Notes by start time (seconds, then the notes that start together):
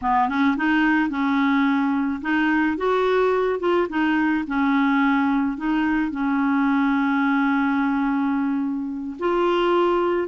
0.01 B3
0.28 C#4
0.56 D#4
1.09 C#4
2.21 D#4
2.77 F#4
3.59 F4
3.89 D#4
4.47 C#4
5.57 D#4
6.11 C#4
9.19 F4